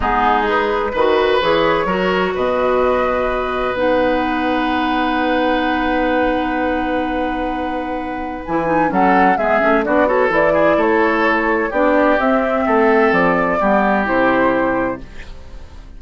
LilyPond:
<<
  \new Staff \with { instrumentName = "flute" } { \time 4/4 \tempo 4 = 128 gis'4 b'2 cis''4~ | cis''4 dis''2. | fis''1~ | fis''1~ |
fis''2 gis''4 fis''4 | e''4 d''8 cis''8 d''4 cis''4~ | cis''4 d''4 e''2 | d''2 c''2 | }
  \new Staff \with { instrumentName = "oboe" } { \time 4/4 dis'2 b'2 | ais'4 b'2.~ | b'1~ | b'1~ |
b'2. a'4 | gis'4 fis'8 a'4 gis'8 a'4~ | a'4 g'2 a'4~ | a'4 g'2. | }
  \new Staff \with { instrumentName = "clarinet" } { \time 4/4 b4 gis'4 fis'4 gis'4 | fis'1 | dis'1~ | dis'1~ |
dis'2 e'8 dis'8 cis'4 | b8 cis'8 d'8 fis'8 e'2~ | e'4 d'4 c'2~ | c'4 b4 e'2 | }
  \new Staff \with { instrumentName = "bassoon" } { \time 4/4 gis2 dis4 e4 | fis4 b,2. | b1~ | b1~ |
b2 e4 fis4 | gis8 a8 b4 e4 a4~ | a4 b4 c'4 a4 | f4 g4 c2 | }
>>